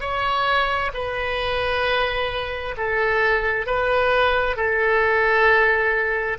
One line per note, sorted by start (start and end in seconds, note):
0.00 0.91 C#5
0.93 2.75 B4
2.77 3.66 A4
3.66 4.56 B4
4.56 6.38 A4